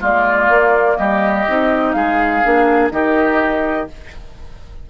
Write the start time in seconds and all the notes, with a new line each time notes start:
0.00 G#3 A#3 F4 D5
0.49 A#3
0.97 G3 G4 D#5
1.48 C4 D#4
1.92 G#3 G#4 F5
2.43 A#3 D4
2.90 D#3 D#4 G4 D#5